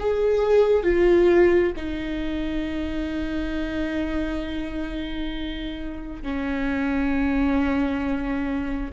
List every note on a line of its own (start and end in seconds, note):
0.00 0.83 G#4
0.83 1.73 F4
1.77 6.23 D#4
6.23 8.92 C#4